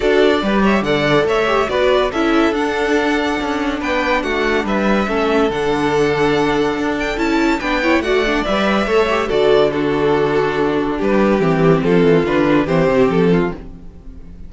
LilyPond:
<<
  \new Staff \with { instrumentName = "violin" } { \time 4/4 \tempo 4 = 142 d''4. e''8 fis''4 e''4 | d''4 e''4 fis''2~ | fis''4 g''4 fis''4 e''4~ | e''4 fis''2.~ |
fis''8 g''8 a''4 g''4 fis''4 | e''2 d''4 a'4~ | a'2 b'4 g'4 | a'4 b'4 c''4 a'4 | }
  \new Staff \with { instrumentName = "violin" } { \time 4/4 a'4 b'8 cis''8 d''4 cis''4 | b'4 a'2.~ | a'4 b'4 fis'4 b'4 | a'1~ |
a'2 b'8 cis''8 d''4~ | d''4 cis''4 a'4 fis'4~ | fis'2 g'2 | f'2 g'4. f'8 | }
  \new Staff \with { instrumentName = "viola" } { \time 4/4 fis'4 g'4 a'4. g'8 | fis'4 e'4 d'2~ | d'1 | cis'4 d'2.~ |
d'4 e'4 d'8 e'8 fis'8 d'8 | b'4 a'8 g'8 fis'4 d'4~ | d'2. c'4~ | c'4 d'4 c'2 | }
  \new Staff \with { instrumentName = "cello" } { \time 4/4 d'4 g4 d4 a4 | b4 cis'4 d'2 | cis'4 b4 a4 g4 | a4 d2. |
d'4 cis'4 b4 a4 | g4 a4 d2~ | d2 g4 e4 | f8 e8 d4 e8 c8 f4 | }
>>